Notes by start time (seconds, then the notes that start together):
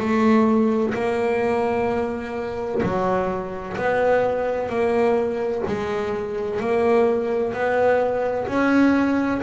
0.00 A3
0.94 A#3
2.83 F#3
3.77 B3
4.69 A#3
5.67 G#3
6.60 A#3
7.53 B3
8.48 C#4